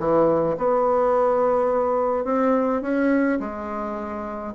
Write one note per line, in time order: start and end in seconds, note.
0.00 0.57 E3
0.58 2.25 B3
2.25 2.82 C4
2.82 3.39 C#4
3.40 4.55 G#3